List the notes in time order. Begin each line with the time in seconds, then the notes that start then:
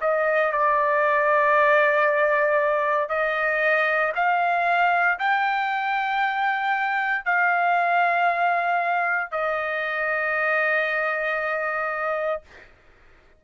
0.00 D#5
0.52 D5
3.09 D#5
4.15 F5
5.19 G5
7.25 F5
9.31 D#5